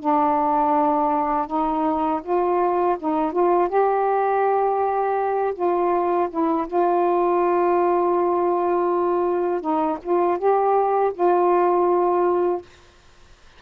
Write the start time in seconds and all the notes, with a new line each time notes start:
0.00 D4
1.47 D#4
2.23 F4
3.00 D#4
3.32 F4
3.69 G4
5.55 F4
6.30 E4
6.68 F4
9.61 D#4
10.03 F4
10.38 G4
11.14 F4